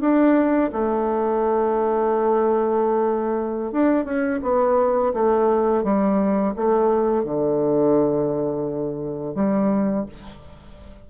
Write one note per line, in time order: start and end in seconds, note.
0.00 0.71 D4
0.72 3.72 A3
3.72 4.05 D4
4.05 4.40 C#4
4.42 5.13 B3
5.13 5.83 A3
5.83 6.54 G3
6.56 7.24 A3
7.24 9.34 D3
9.34 10.05 G3